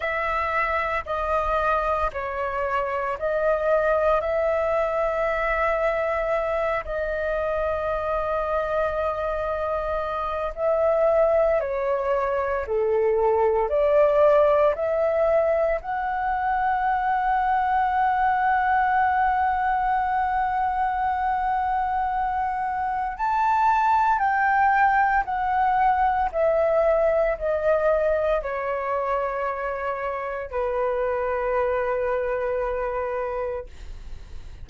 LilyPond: \new Staff \with { instrumentName = "flute" } { \time 4/4 \tempo 4 = 57 e''4 dis''4 cis''4 dis''4 | e''2~ e''8 dis''4.~ | dis''2 e''4 cis''4 | a'4 d''4 e''4 fis''4~ |
fis''1~ | fis''2 a''4 g''4 | fis''4 e''4 dis''4 cis''4~ | cis''4 b'2. | }